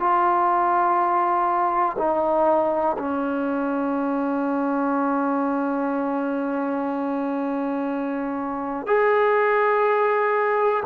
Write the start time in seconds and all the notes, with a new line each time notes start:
0.00 F4
1.99 D#4
2.98 C#4
8.87 G#4